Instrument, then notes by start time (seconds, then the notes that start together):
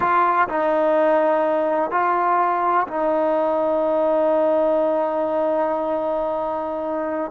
trombone
0.00 F4
0.48 D#4
1.90 F4
2.87 D#4